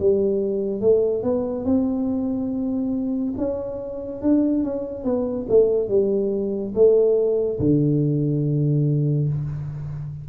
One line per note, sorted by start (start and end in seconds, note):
0.00 0.81 G3
0.81 1.23 A3
1.23 1.66 B3
1.66 3.35 C4
3.38 4.22 C#4
4.22 4.64 D4
4.64 5.05 C#4
5.05 5.47 B3
5.49 5.89 A3
5.89 6.74 G3
6.75 7.59 A3
7.60 9.29 D3